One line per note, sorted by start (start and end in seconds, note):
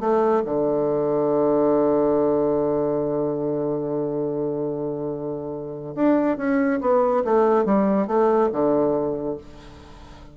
0.00 0.43 A3
0.45 5.95 D3
5.95 6.37 D4
6.37 6.80 C#4
6.81 7.23 B3
7.24 7.65 A3
7.65 8.07 G3
8.07 8.50 A3
8.52 9.37 D3